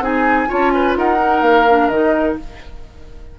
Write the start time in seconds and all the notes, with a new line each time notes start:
0.00 C4 D#4 G#4 G#5
0.47 C#4 F4 C#5 A5
0.72 B4 G#5
0.96 D#4 A#4 F#5
1.19 D#4
1.42 A#3 F5
1.69 D4
1.88 D#3 D#4 D#5